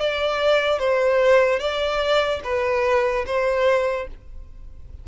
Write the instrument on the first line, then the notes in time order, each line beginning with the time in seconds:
violin
0.00 D5
0.79 C5
1.59 D5
2.44 B4
3.27 C5